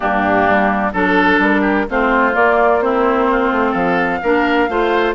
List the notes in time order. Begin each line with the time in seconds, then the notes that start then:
0.00 G2 A#3 D4 G4
0.48 G3
0.92 F#3 D4 A4
1.39 G3 A#4
1.61 G4
1.88 A3 C4 F4 C5
2.32 A#3 D5
2.81 C4 E4 C5
3.30 F4
3.51 A3
3.71 F3 A4 F5
4.22 A#3 D4 A#4
4.68 A3 F4 C5